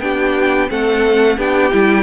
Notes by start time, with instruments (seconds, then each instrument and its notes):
0.00 cello B3, viola D4, violin G4 G5
0.68 cello A3, viola C4, violin A4 F#5
1.37 cello B3, viola D4, violin G4 G5
1.72 cello G3, viola E4